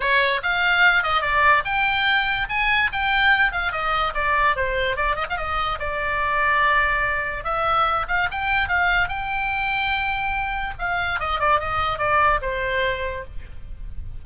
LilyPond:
\new Staff \with { instrumentName = "oboe" } { \time 4/4 \tempo 4 = 145 cis''4 f''4. dis''8 d''4 | g''2 gis''4 g''4~ | g''8 f''8 dis''4 d''4 c''4 | d''8 dis''16 f''16 dis''4 d''2~ |
d''2 e''4. f''8 | g''4 f''4 g''2~ | g''2 f''4 dis''8 d''8 | dis''4 d''4 c''2 | }